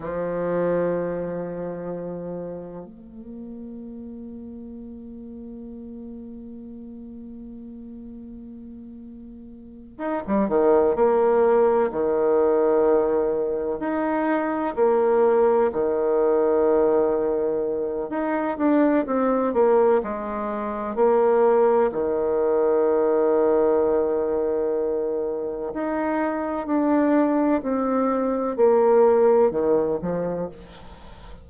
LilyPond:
\new Staff \with { instrumentName = "bassoon" } { \time 4/4 \tempo 4 = 63 f2. ais4~ | ais1~ | ais2~ ais8 dis'16 g16 dis8 ais8~ | ais8 dis2 dis'4 ais8~ |
ais8 dis2~ dis8 dis'8 d'8 | c'8 ais8 gis4 ais4 dis4~ | dis2. dis'4 | d'4 c'4 ais4 dis8 f8 | }